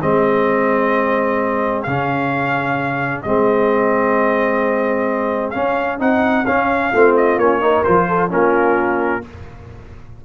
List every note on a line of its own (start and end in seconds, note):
0.00 1.87 G#3
0.00 1.86 C4
0.00 6.92 G#4
0.00 1.83 D#5
1.83 3.25 C#3
1.83 3.25 C#4
1.83 3.21 F5
3.23 5.56 G#3
3.23 5.54 C4
3.23 5.51 D#5
5.51 5.99 C#4
5.51 6.00 C#4
5.51 5.97 F5
5.99 6.46 C4
5.99 6.45 D#4
5.99 6.46 F#5
6.46 6.93 C#4
6.46 6.94 C#4
6.46 7.15 F5
6.92 7.38 A3
6.92 7.40 C4
6.92 7.61 F4
7.17 7.39 D#5
7.38 7.84 A#3
7.38 7.62 C#4
7.38 7.84 C#5
7.62 7.85 D#4
7.62 8.08 A#4
7.84 8.31 F3
7.84 8.30 F4
7.84 8.30 C5
8.08 8.31 A4
8.30 9.24 A#3
8.30 9.22 C#4
8.30 9.25 F4
8.30 9.25 A#4